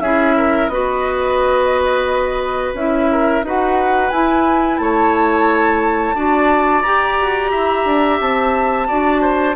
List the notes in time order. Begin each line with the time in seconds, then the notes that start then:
0.00 C#4 E4 G#4 E5
0.37 A#4
0.69 B3 F#4 B4 D#5
2.74 C#4 E4 E5
3.12 A#4
3.43 D#4 F#4 B4 F#5
4.11 E4 G#5
4.79 A3 C#5 A5
6.14 D4 F#4 D5
6.83 G4 A#5
7.21 F#4
7.51 E4 E5
7.86 D4
8.21 C4 A5
8.88 D4 F#4 D5
9.22 C5